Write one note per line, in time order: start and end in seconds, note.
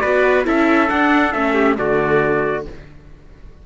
0.00 0.47 B3
0.00 0.45 F#4
0.00 0.46 B4
0.00 0.43 D5
0.45 0.91 C#4
0.45 0.88 E4
0.45 1.55 A4
0.45 0.90 E5
0.89 1.33 D4
0.89 1.35 D4
0.89 1.33 F#5
1.33 1.78 A3
1.33 1.77 C#4
1.33 1.77 E5
1.55 1.76 G4
1.77 2.67 D3
1.77 2.64 A3
1.77 2.66 F#4
1.77 2.65 D5